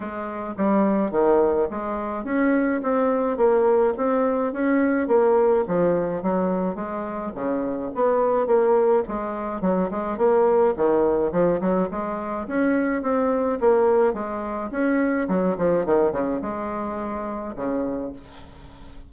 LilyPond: \new Staff \with { instrumentName = "bassoon" } { \time 4/4 \tempo 4 = 106 gis4 g4 dis4 gis4 | cis'4 c'4 ais4 c'4 | cis'4 ais4 f4 fis4 | gis4 cis4 b4 ais4 |
gis4 fis8 gis8 ais4 dis4 | f8 fis8 gis4 cis'4 c'4 | ais4 gis4 cis'4 fis8 f8 | dis8 cis8 gis2 cis4 | }